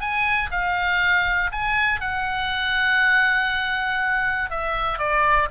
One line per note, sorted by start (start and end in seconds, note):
0.00 0.50 G#5
0.51 1.51 F5
1.51 2.00 G#5
2.00 4.50 F#5
4.50 4.99 E5
4.99 5.49 D5